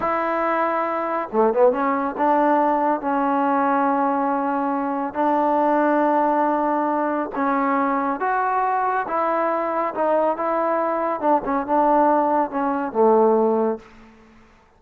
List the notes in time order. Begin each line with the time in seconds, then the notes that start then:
0.00 E4
1.32 A3
1.53 B3
1.71 C#4
2.17 D4
3.01 C#4
5.14 D4
7.35 C#4
8.20 F#4
9.07 E4
9.94 D#4
10.36 E4
11.20 D4
11.44 C#4
11.66 D4
12.50 C#4
12.92 A3